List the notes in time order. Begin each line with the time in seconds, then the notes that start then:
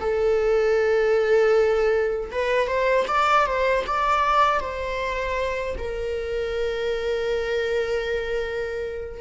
0.00 A4
2.32 B4
2.68 C5
3.08 D5
3.47 C5
3.87 D5
4.60 C5
5.78 A#4